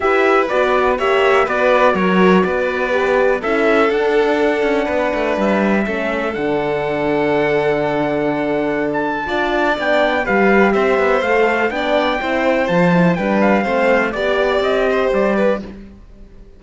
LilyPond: <<
  \new Staff \with { instrumentName = "trumpet" } { \time 4/4 \tempo 4 = 123 e''4 d''4 e''4 d''4 | cis''4 d''2 e''4 | fis''2. e''4~ | e''4 fis''2.~ |
fis''2~ fis''16 a''4.~ a''16 | g''4 f''4 e''4 f''4 | g''2 a''4 g''8 f''8~ | f''4 d''4 dis''4 d''4 | }
  \new Staff \with { instrumentName = "violin" } { \time 4/4 b'2 cis''4 b'4 | ais'4 b'2 a'4~ | a'2 b'2 | a'1~ |
a'2. d''4~ | d''4 b'4 c''2 | d''4 c''2 b'4 | c''4 d''4. c''4 b'8 | }
  \new Staff \with { instrumentName = "horn" } { \time 4/4 g'4 fis'4 g'4 fis'4~ | fis'2 g'4 e'4 | d'1 | cis'4 d'2.~ |
d'2. f'4 | d'4 g'2 a'4 | d'4 e'4 f'8 e'8 d'4 | c'4 g'2. | }
  \new Staff \with { instrumentName = "cello" } { \time 4/4 e'4 b4 ais4 b4 | fis4 b2 cis'4 | d'4. cis'8 b8 a8 g4 | a4 d2.~ |
d2. d'4 | b4 g4 c'8 b8 a4 | b4 c'4 f4 g4 | a4 b4 c'4 g4 | }
>>